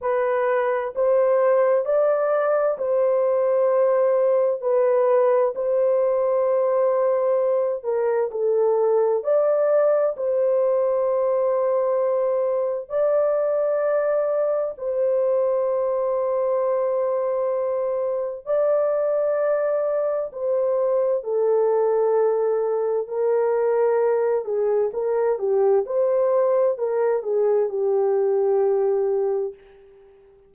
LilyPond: \new Staff \with { instrumentName = "horn" } { \time 4/4 \tempo 4 = 65 b'4 c''4 d''4 c''4~ | c''4 b'4 c''2~ | c''8 ais'8 a'4 d''4 c''4~ | c''2 d''2 |
c''1 | d''2 c''4 a'4~ | a'4 ais'4. gis'8 ais'8 g'8 | c''4 ais'8 gis'8 g'2 | }